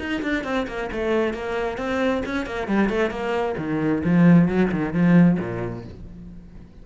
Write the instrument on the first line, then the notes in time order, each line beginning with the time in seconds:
cello
0.00 D#4
0.23 D4
0.44 C4
0.68 A#3
0.92 A3
1.34 A#3
1.78 C4
2.26 C#4
2.46 A#3
2.68 G3
2.90 A3
3.11 A#3
3.58 D#3
4.04 F3
4.49 F#3
4.72 D#3
4.93 F3
5.40 A#2